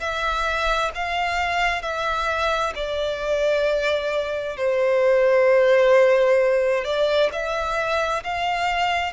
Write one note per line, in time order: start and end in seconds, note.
0.00 0.91 E5
0.95 1.82 F5
1.82 2.73 E5
2.75 4.57 D5
4.57 6.84 C5
6.84 7.30 D5
7.32 8.23 E5
8.24 9.13 F5